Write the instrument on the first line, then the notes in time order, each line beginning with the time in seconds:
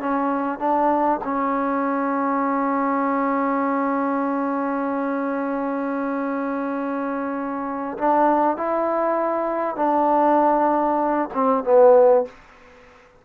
trombone
0.00 C#4
0.59 D4
1.24 C#4
7.98 D4
8.57 E4
9.77 D4
11.34 C4
11.64 B3